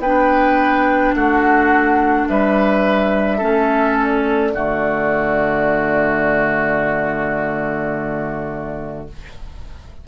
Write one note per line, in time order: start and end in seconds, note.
0.00 1.13 B3
0.00 3.41 D4
0.00 1.15 B4
0.00 1.14 G5
1.15 2.29 A3
1.15 2.29 F#4
1.15 2.28 F#5
2.29 3.42 G3
2.29 3.38 B4
2.29 3.98 E5
3.38 4.55 A3
3.38 4.54 C#4
3.38 4.51 A4
3.98 9.07 D5
4.55 9.08 D3
4.55 9.08 A3
4.55 9.08 F#4